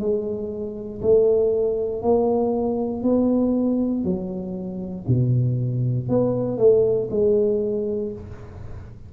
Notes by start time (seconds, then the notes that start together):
0.00 G#3
1.02 A3
2.02 A#3
3.03 B3
4.04 F#3
5.08 B2
6.09 B3
6.58 A3
7.11 G#3